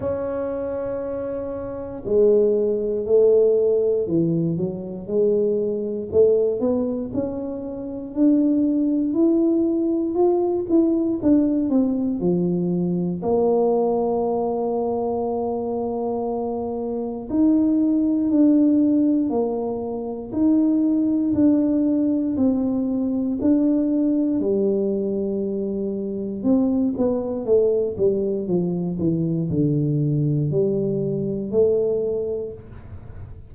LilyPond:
\new Staff \with { instrumentName = "tuba" } { \time 4/4 \tempo 4 = 59 cis'2 gis4 a4 | e8 fis8 gis4 a8 b8 cis'4 | d'4 e'4 f'8 e'8 d'8 c'8 | f4 ais2.~ |
ais4 dis'4 d'4 ais4 | dis'4 d'4 c'4 d'4 | g2 c'8 b8 a8 g8 | f8 e8 d4 g4 a4 | }